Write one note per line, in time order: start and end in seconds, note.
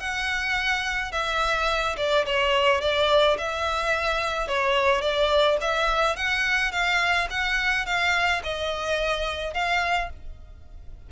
0.00 1.12 F#5
1.12 1.96 E5
1.97 2.25 D5
2.26 2.81 C#5
2.81 3.37 D5
3.38 4.48 E5
4.48 5.02 C#5
5.02 5.58 D5
5.61 6.16 E5
6.16 6.72 F#5
6.72 7.28 F5
7.30 7.86 F#5
7.86 8.42 F5
8.44 9.54 D#5
9.54 10.10 F5